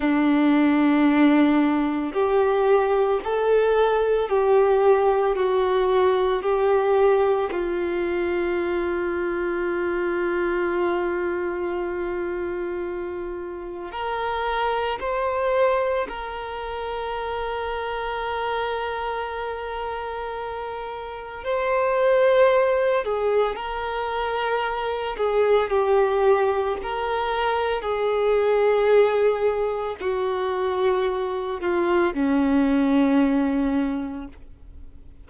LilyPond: \new Staff \with { instrumentName = "violin" } { \time 4/4 \tempo 4 = 56 d'2 g'4 a'4 | g'4 fis'4 g'4 f'4~ | f'1~ | f'4 ais'4 c''4 ais'4~ |
ais'1 | c''4. gis'8 ais'4. gis'8 | g'4 ais'4 gis'2 | fis'4. f'8 cis'2 | }